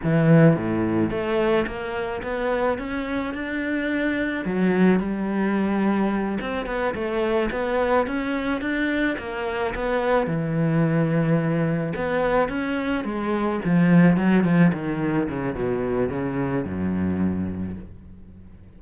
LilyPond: \new Staff \with { instrumentName = "cello" } { \time 4/4 \tempo 4 = 108 e4 a,4 a4 ais4 | b4 cis'4 d'2 | fis4 g2~ g8 c'8 | b8 a4 b4 cis'4 d'8~ |
d'8 ais4 b4 e4.~ | e4. b4 cis'4 gis8~ | gis8 f4 fis8 f8 dis4 cis8 | b,4 cis4 fis,2 | }